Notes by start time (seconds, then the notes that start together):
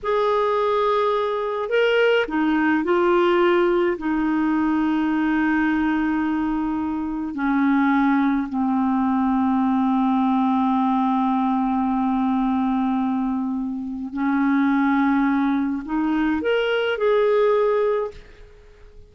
0.03 G#4
1.69 A#4
2.28 D#4
2.84 F4
3.98 D#4
7.34 C#4
8.49 C4
14.13 C#4
15.85 D#4
16.42 A#4
16.97 G#4